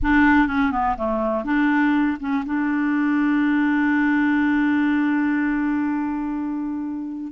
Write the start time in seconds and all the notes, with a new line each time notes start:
0.02 D4
0.47 C#4
0.71 B3
0.97 A3
1.44 D4
2.20 C#4
2.45 D4